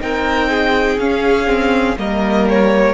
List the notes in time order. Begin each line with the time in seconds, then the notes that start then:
0.00 C4 D#4 A#4 G5
0.50 G#4
0.98 C#4 F5
1.46 C4
1.97 G3 A#3 A#4 D#5
2.49 C#5